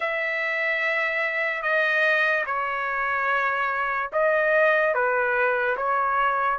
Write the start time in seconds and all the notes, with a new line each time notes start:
0.00 E5
1.62 D#5
2.45 C#5
4.12 D#5
4.94 B4
5.76 C#5